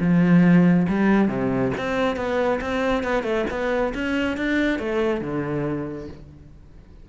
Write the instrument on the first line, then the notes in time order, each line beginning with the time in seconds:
cello
0.00 F3
0.89 G3
1.28 C3
1.77 C4
2.16 B3
2.61 C4
3.04 B3
3.24 A3
3.50 B3
3.95 C#4
4.37 D4
4.79 A3
5.21 D3